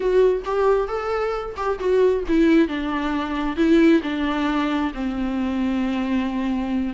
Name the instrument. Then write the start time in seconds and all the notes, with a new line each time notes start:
viola
0.00 F#4
0.44 G4
0.88 A4
1.56 G4
1.79 F#4
2.28 E4
2.67 D4
3.56 E4
4.02 D4
4.94 C4